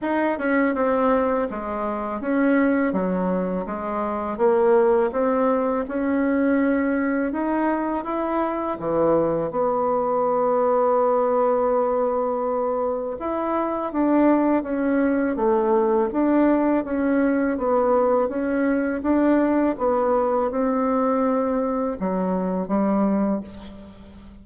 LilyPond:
\new Staff \with { instrumentName = "bassoon" } { \time 4/4 \tempo 4 = 82 dis'8 cis'8 c'4 gis4 cis'4 | fis4 gis4 ais4 c'4 | cis'2 dis'4 e'4 | e4 b2.~ |
b2 e'4 d'4 | cis'4 a4 d'4 cis'4 | b4 cis'4 d'4 b4 | c'2 fis4 g4 | }